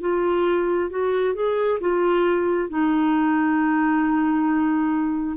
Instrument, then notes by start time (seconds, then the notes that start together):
clarinet
0.00 F4
0.90 F#4
1.34 G#4
1.80 F4
2.69 D#4